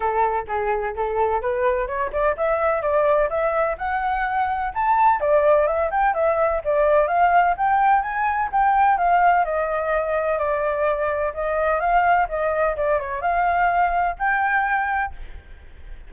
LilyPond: \new Staff \with { instrumentName = "flute" } { \time 4/4 \tempo 4 = 127 a'4 gis'4 a'4 b'4 | cis''8 d''8 e''4 d''4 e''4 | fis''2 a''4 d''4 | e''8 g''8 e''4 d''4 f''4 |
g''4 gis''4 g''4 f''4 | dis''2 d''2 | dis''4 f''4 dis''4 d''8 cis''8 | f''2 g''2 | }